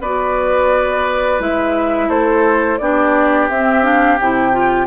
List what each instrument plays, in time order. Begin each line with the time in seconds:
0.00 bassoon B3, clarinet F#4, oboe B4, flute D5
1.39 bassoon G#3, clarinet E4, flute E5
2.08 bassoon A3, oboe A4, flute C5
2.78 bassoon B3, clarinet D4, oboe G4, flute D5
3.49 bassoon C4, clarinet C4, flute E5
3.83 clarinet D4, flute F5
4.20 bassoon C3, clarinet E4, flute G5
4.52 clarinet F4